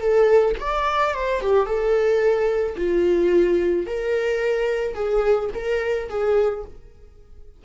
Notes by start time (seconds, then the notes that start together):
0.00 A4
0.60 D5
1.14 C5
1.41 G4
1.66 A4
2.76 F4
3.86 A#4
4.94 G#4
5.54 A#4
6.09 G#4